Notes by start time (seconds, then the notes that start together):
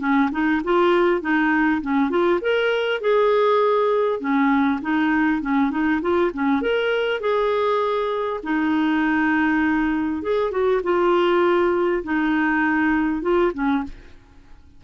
0.00 C#4
0.32 D#4
0.64 F4
1.22 D#4
1.82 C#4
2.10 F4
2.42 A#4
3.01 G#4
4.21 C#4
4.82 D#4
5.42 C#4
5.71 D#4
6.02 F4
6.34 C#4
6.62 A#4
7.21 G#4
8.44 D#4
10.23 G#4
10.51 F#4
10.84 F4
12.04 D#4
13.22 F4
13.54 C#4